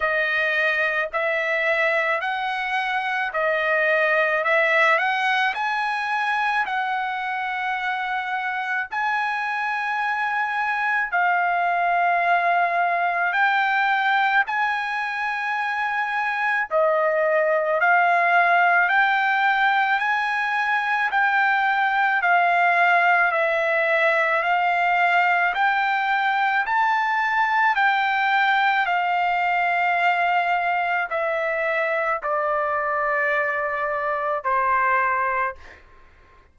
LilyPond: \new Staff \with { instrumentName = "trumpet" } { \time 4/4 \tempo 4 = 54 dis''4 e''4 fis''4 dis''4 | e''8 fis''8 gis''4 fis''2 | gis''2 f''2 | g''4 gis''2 dis''4 |
f''4 g''4 gis''4 g''4 | f''4 e''4 f''4 g''4 | a''4 g''4 f''2 | e''4 d''2 c''4 | }